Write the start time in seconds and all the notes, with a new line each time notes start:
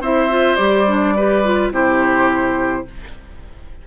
0.00 C4 E4 C5 E5
0.29 F4
0.56 G3 G4 D5
0.87 D4
1.16 G4 B4
1.44 F4
1.71 C3 E4 G4 C5